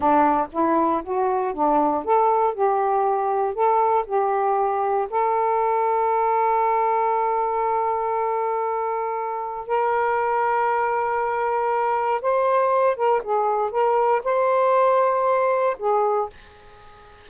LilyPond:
\new Staff \with { instrumentName = "saxophone" } { \time 4/4 \tempo 4 = 118 d'4 e'4 fis'4 d'4 | a'4 g'2 a'4 | g'2 a'2~ | a'1~ |
a'2. ais'4~ | ais'1 | c''4. ais'8 gis'4 ais'4 | c''2. gis'4 | }